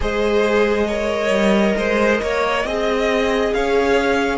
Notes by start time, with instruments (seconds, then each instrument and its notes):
0.00 cello G#3, viola G#4, violin C5 D#5
0.87 viola A#4, violin C#5
1.29 cello G3
1.77 cello G#3, violin C5
2.22 cello A#3, violin C#5
2.64 cello C4, viola G#4, violin D#5
3.53 cello C#4, violin C#5 F5